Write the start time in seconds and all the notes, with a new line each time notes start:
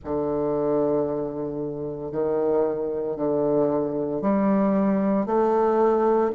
0.04 D3
2.11 D#3
3.16 D3
4.21 G3
5.25 A3